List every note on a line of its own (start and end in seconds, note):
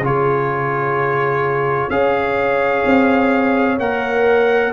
0.00 1.88 C#3
0.00 1.91 F4
0.06 1.94 G#4
0.06 1.90 C#5
1.90 2.84 C#4
1.90 3.78 G#4
1.90 4.73 C#5
1.90 3.77 F5
2.86 3.79 C4
3.79 4.73 A#3
3.79 4.73 A#4
3.79 4.73 F#5